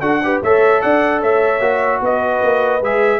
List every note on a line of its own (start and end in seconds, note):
0.00 0.40 D4
0.00 0.21 F#4
0.00 0.20 A4
0.00 0.40 F#5
0.23 0.43 G4
0.23 0.42 B4
0.42 0.82 A3
0.42 1.61 A4
0.42 0.81 C#5
0.42 0.81 E5
0.81 1.22 D4
0.81 1.20 D5
0.81 1.21 F#5
1.20 1.60 A3
1.20 2.00 C#5
1.20 2.02 E5
1.60 2.00 A#3
1.60 2.81 F#4
2.00 2.40 B3
2.00 3.20 B4
2.00 2.83 D#5
2.42 2.81 A#3
2.81 3.20 G#3
2.81 3.20 G#4
2.81 3.20 E5